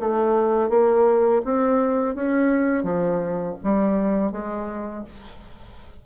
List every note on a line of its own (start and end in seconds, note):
0.00 0.70 A3
0.70 1.42 A#3
1.45 2.16 C4
2.16 2.84 C#4
2.84 3.56 F3
3.64 4.32 G3
4.32 5.04 G#3